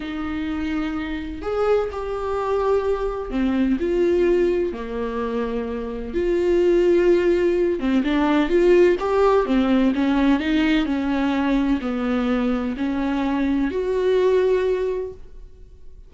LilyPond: \new Staff \with { instrumentName = "viola" } { \time 4/4 \tempo 4 = 127 dis'2. gis'4 | g'2. c'4 | f'2 ais2~ | ais4 f'2.~ |
f'8 c'8 d'4 f'4 g'4 | c'4 cis'4 dis'4 cis'4~ | cis'4 b2 cis'4~ | cis'4 fis'2. | }